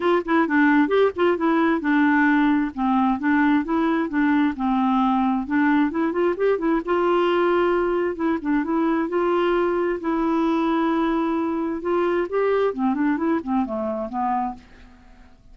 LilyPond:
\new Staff \with { instrumentName = "clarinet" } { \time 4/4 \tempo 4 = 132 f'8 e'8 d'4 g'8 f'8 e'4 | d'2 c'4 d'4 | e'4 d'4 c'2 | d'4 e'8 f'8 g'8 e'8 f'4~ |
f'2 e'8 d'8 e'4 | f'2 e'2~ | e'2 f'4 g'4 | c'8 d'8 e'8 c'8 a4 b4 | }